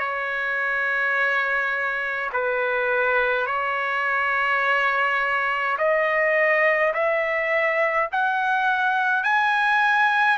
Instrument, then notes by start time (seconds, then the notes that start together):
trumpet
0.00 C#5
2.33 B4
3.47 C#5
5.78 D#5
6.94 E5
8.12 F#5
9.24 G#5